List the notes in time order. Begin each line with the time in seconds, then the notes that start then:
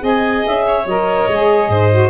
0.00 C4 G#4 D#5 G#5
0.46 C#4 E5
0.67 C#5
0.85 F#3 A#4 D#5
1.27 G#3 G#4
1.68 G#2 C5
1.91 F#4